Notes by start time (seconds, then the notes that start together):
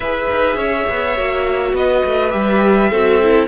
0.00 E4 G#4 B4 E5
0.30 D#4
0.56 C#4 C#5
0.89 B3
1.16 A#3 F#4
1.72 B3 B4 D#5
2.04 A3
2.30 G3 G4 E5
2.89 C4 F#4 A4
3.22 E4